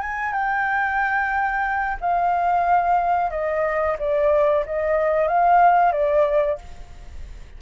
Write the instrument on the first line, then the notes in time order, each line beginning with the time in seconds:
flute
0.00 G#5
0.32 G5
2.00 F5
3.30 D#5
3.99 D5
4.65 D#5
5.27 F5
5.92 D5